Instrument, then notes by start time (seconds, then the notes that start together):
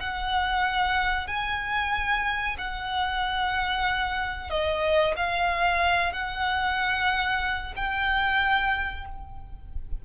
violin
0.00 F#5
1.27 G#5
2.58 F#5
4.50 D#5
5.16 F5
6.13 F#5
7.76 G5